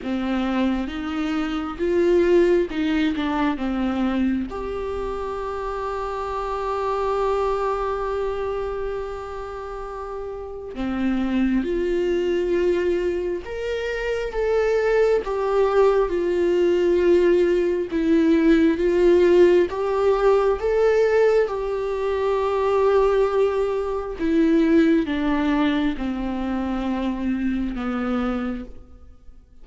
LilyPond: \new Staff \with { instrumentName = "viola" } { \time 4/4 \tempo 4 = 67 c'4 dis'4 f'4 dis'8 d'8 | c'4 g'2.~ | g'1 | c'4 f'2 ais'4 |
a'4 g'4 f'2 | e'4 f'4 g'4 a'4 | g'2. e'4 | d'4 c'2 b4 | }